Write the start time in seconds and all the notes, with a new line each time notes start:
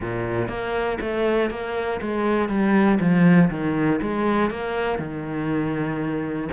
0.00 A#2
0.48 A#3
1.00 A3
1.50 A#3
2.01 G#3
2.48 G3
3.00 F3
3.50 D#3
4.01 G#3
4.50 A#3
4.99 D#3